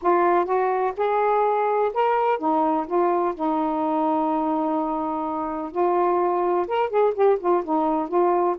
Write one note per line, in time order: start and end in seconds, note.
0.02 0.45 F4
0.45 0.92 F#4
0.97 1.92 G#4
1.93 2.39 A#4
2.39 2.86 D#4
2.86 3.34 F4
3.34 5.71 D#4
5.71 6.66 F4
6.67 6.89 A#4
6.89 7.13 G#4
7.14 7.38 G4
7.39 7.63 F4
7.64 8.08 D#4
8.08 8.56 F4